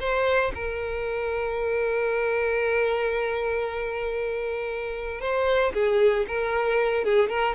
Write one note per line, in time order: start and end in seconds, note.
0.00 0.52 C5
0.55 5.21 A#4
5.21 5.73 C5
5.74 6.26 G#4
6.28 7.04 A#4
7.04 7.29 G#4
7.29 7.55 A#4